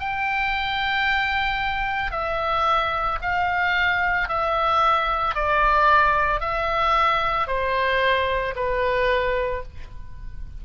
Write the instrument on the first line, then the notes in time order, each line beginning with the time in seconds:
oboe
0.00 G5
2.11 E5
3.22 F5
4.29 E5
5.35 D5
6.40 E5
7.48 C5
8.56 B4